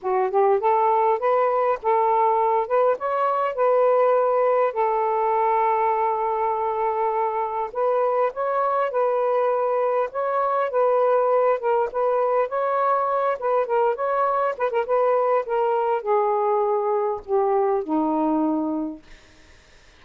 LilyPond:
\new Staff \with { instrumentName = "saxophone" } { \time 4/4 \tempo 4 = 101 fis'8 g'8 a'4 b'4 a'4~ | a'8 b'8 cis''4 b'2 | a'1~ | a'4 b'4 cis''4 b'4~ |
b'4 cis''4 b'4. ais'8 | b'4 cis''4. b'8 ais'8 cis''8~ | cis''8 b'16 ais'16 b'4 ais'4 gis'4~ | gis'4 g'4 dis'2 | }